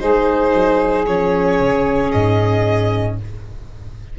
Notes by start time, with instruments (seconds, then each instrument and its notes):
0.00 tuba G#3, viola D#4, saxophone G#4, violin C5
0.55 tuba F#3
1.06 tuba F3, viola C#4, violin C#5
1.60 tuba C#3
2.12 tuba G#2, violin D#5